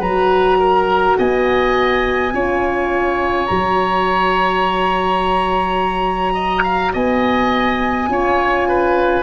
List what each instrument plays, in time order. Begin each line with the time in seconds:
0.00 tuba F#3, horn F#4, oboe B4, flute A#5
0.60 oboe A#4
1.19 tuba B3, oboe D#5, flute G#5
2.34 tuba C#4, horn F4, oboe C#5
3.47 tuba F#3, horn F#4, flute A#5
6.34 oboe D#5
6.64 oboe F5
6.94 tuba B3, oboe D#5, flute G#5
8.08 tuba C#4, horn F4, oboe C#5
8.69 oboe B4